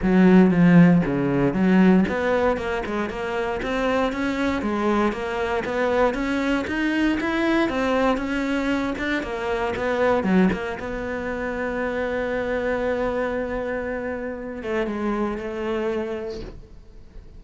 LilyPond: \new Staff \with { instrumentName = "cello" } { \time 4/4 \tempo 4 = 117 fis4 f4 cis4 fis4 | b4 ais8 gis8 ais4 c'4 | cis'4 gis4 ais4 b4 | cis'4 dis'4 e'4 c'4 |
cis'4. d'8 ais4 b4 | fis8 ais8 b2.~ | b1~ | b8 a8 gis4 a2 | }